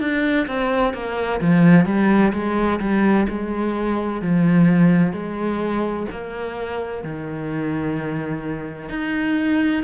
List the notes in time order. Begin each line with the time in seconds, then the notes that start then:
0.00 D4
0.47 C4
0.94 A#3
1.41 F3
1.85 G3
2.33 G#3
2.80 G3
3.29 G#3
4.22 F3
5.13 G#3
6.11 A#3
7.04 D#3
8.89 D#4